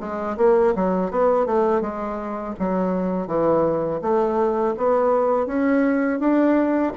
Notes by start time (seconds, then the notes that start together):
0.00 G#3
0.37 A#3
0.75 F#3
1.11 B3
1.46 A3
1.81 G#3
2.59 F#3
3.27 E3
4.01 A3
4.77 B3
5.46 C#4
6.19 D4